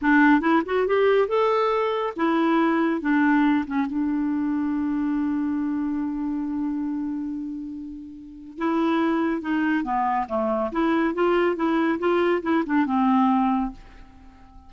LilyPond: \new Staff \with { instrumentName = "clarinet" } { \time 4/4 \tempo 4 = 140 d'4 e'8 fis'8 g'4 a'4~ | a'4 e'2 d'4~ | d'8 cis'8 d'2.~ | d'1~ |
d'1 | e'2 dis'4 b4 | a4 e'4 f'4 e'4 | f'4 e'8 d'8 c'2 | }